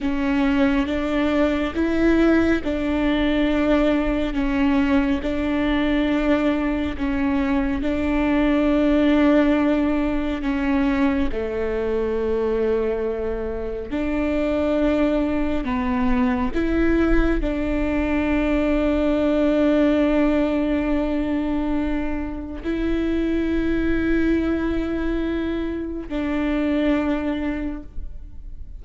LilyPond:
\new Staff \with { instrumentName = "viola" } { \time 4/4 \tempo 4 = 69 cis'4 d'4 e'4 d'4~ | d'4 cis'4 d'2 | cis'4 d'2. | cis'4 a2. |
d'2 b4 e'4 | d'1~ | d'2 e'2~ | e'2 d'2 | }